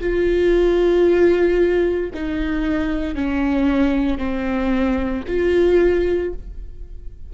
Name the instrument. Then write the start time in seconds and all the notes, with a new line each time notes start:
viola
0.00 F4
2.14 D#4
3.15 C#4
4.18 C4
5.28 F4